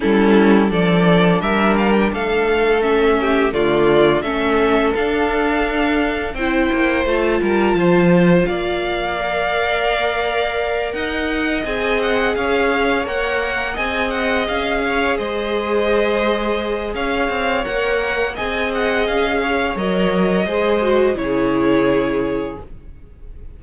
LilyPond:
<<
  \new Staff \with { instrumentName = "violin" } { \time 4/4 \tempo 4 = 85 a'4 d''4 e''8 f''16 g''16 f''4 | e''4 d''4 e''4 f''4~ | f''4 g''4 a''2 | f''2.~ f''8 fis''8~ |
fis''8 gis''8 fis''8 f''4 fis''4 gis''8 | fis''8 f''4 dis''2~ dis''8 | f''4 fis''4 gis''8 fis''8 f''4 | dis''2 cis''2 | }
  \new Staff \with { instrumentName = "violin" } { \time 4/4 e'4 a'4 ais'4 a'4~ | a'8 g'8 f'4 a'2~ | a'4 c''4. ais'8 c''4 | d''2.~ d''8 dis''8~ |
dis''4. cis''2 dis''8~ | dis''4 cis''8 c''2~ c''8 | cis''2 dis''4. cis''8~ | cis''4 c''4 gis'2 | }
  \new Staff \with { instrumentName = "viola" } { \time 4/4 cis'4 d'2. | cis'4 a4 cis'4 d'4~ | d'4 e'4 f'2~ | f'4 ais'2.~ |
ais'8 gis'2 ais'4 gis'8~ | gis'1~ | gis'4 ais'4 gis'2 | ais'4 gis'8 fis'8 e'2 | }
  \new Staff \with { instrumentName = "cello" } { \time 4/4 g4 f4 g4 a4~ | a4 d4 a4 d'4~ | d'4 c'8 ais8 a8 g8 f4 | ais2.~ ais8 dis'8~ |
dis'8 c'4 cis'4 ais4 c'8~ | c'8 cis'4 gis2~ gis8 | cis'8 c'8 ais4 c'4 cis'4 | fis4 gis4 cis2 | }
>>